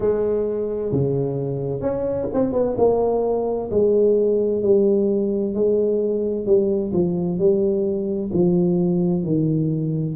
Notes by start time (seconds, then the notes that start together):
0.00 G#3
0.91 C#3
1.80 C#4
2.33 C4
2.53 B3
2.77 A#3
3.70 G#3
4.62 G3
5.54 G#3
6.46 G3
6.93 F3
7.38 G3
8.32 F3
9.23 D#3